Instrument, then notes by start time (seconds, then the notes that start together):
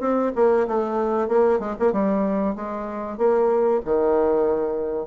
bassoon
0.00 C4
0.35 A#3
0.67 A3
1.28 A#3
1.59 G#3
1.79 A#3
1.92 G3
2.55 G#3
3.18 A#3
3.85 D#3